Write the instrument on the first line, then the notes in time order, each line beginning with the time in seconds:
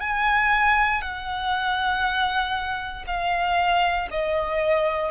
violin
0.00 G#5
1.01 F#5
3.06 F5
4.10 D#5